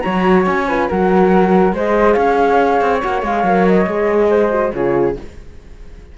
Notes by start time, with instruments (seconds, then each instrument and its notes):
0.00 cello F#3, horn F#4, flute C#5 A#5
0.46 cello C#4, flute G#5
0.68 horn F4, flute B4
0.89 cello F#3, horn F#4, flute A#4 F#5
1.72 cello G#3, horn G#4, flute C5 D#5
2.13 cello C#4, flute C#5 F5
2.81 cello C4
3.01 cello A#3, horn F#4, flute F#5
3.22 cello G#3, horn G#4, flute F5
3.43 cello F#3, horn A#4
3.67 flute D#5
3.86 cello G#3, horn G#4
4.30 flute C5
4.51 horn F#4
4.73 cello C#3, horn F4, flute G#4 C#5